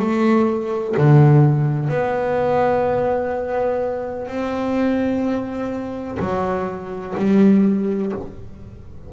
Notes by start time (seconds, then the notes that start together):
0.00 A3
0.97 D3
1.90 B3
4.28 C4
6.19 F#3
7.18 G3